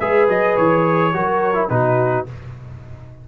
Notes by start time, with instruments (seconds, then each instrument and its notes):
0.00 tuba G#3, trombone G#4, horn B4, trumpet E5
0.29 tuba F#3, trumpet D#5
0.57 tuba E3, trumpet C#5
1.14 tuba F#3, trombone F#4, horn A#4
1.55 trombone E4
1.70 tuba B2, trombone D#4, horn F#4, trumpet B4